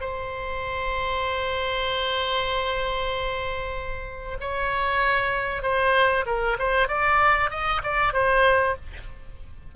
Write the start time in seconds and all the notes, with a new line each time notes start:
0.00 C5
4.40 C#5
5.62 C5
6.26 A#4
6.59 C5
6.88 D5
7.50 D#5
7.83 D5
8.13 C5